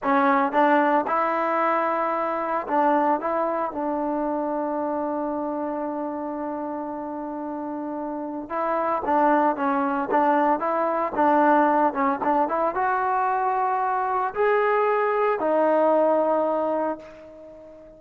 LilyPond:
\new Staff \with { instrumentName = "trombone" } { \time 4/4 \tempo 4 = 113 cis'4 d'4 e'2~ | e'4 d'4 e'4 d'4~ | d'1~ | d'1 |
e'4 d'4 cis'4 d'4 | e'4 d'4. cis'8 d'8 e'8 | fis'2. gis'4~ | gis'4 dis'2. | }